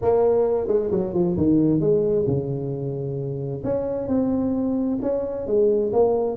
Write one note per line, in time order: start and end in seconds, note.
0.01 0.67 A#3
0.67 0.90 G#3
0.91 1.13 F#3
1.13 1.36 F3
1.37 1.80 D#3
1.80 2.25 G#3
2.26 3.63 C#3
3.64 4.07 C#4
4.07 4.98 C4
5.01 5.46 C#4
5.46 5.92 G#3
5.92 6.36 A#3